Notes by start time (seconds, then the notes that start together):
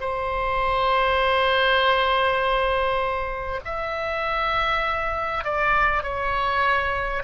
0.00 C5
3.64 E5
5.44 D5
6.03 C#5